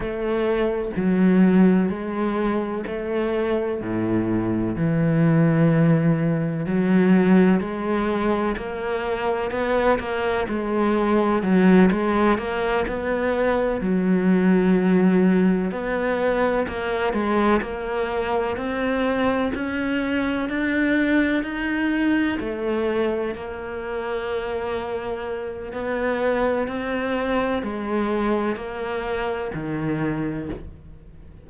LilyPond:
\new Staff \with { instrumentName = "cello" } { \time 4/4 \tempo 4 = 63 a4 fis4 gis4 a4 | a,4 e2 fis4 | gis4 ais4 b8 ais8 gis4 | fis8 gis8 ais8 b4 fis4.~ |
fis8 b4 ais8 gis8 ais4 c'8~ | c'8 cis'4 d'4 dis'4 a8~ | a8 ais2~ ais8 b4 | c'4 gis4 ais4 dis4 | }